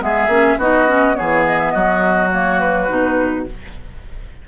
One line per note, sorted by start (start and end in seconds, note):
0.00 0.28 G#3
0.00 0.29 B3
0.00 0.59 G#4
0.00 0.60 E5
0.28 0.57 A#3
0.28 0.59 C#4
0.57 1.15 B3
0.57 0.88 D#4
0.57 1.17 F#4
0.57 1.15 D#5
0.88 1.14 C#4
1.14 2.30 B3
1.14 1.74 G#4
1.14 1.44 C#5
1.20 1.75 E3
1.46 1.59 D#5
1.59 1.71 E5
1.71 2.90 F#3
1.71 3.47 F#4
1.71 2.29 D#5
2.31 2.88 A#3
2.31 2.59 C#5
2.59 3.46 B4
2.88 3.48 B2
2.88 3.46 D#4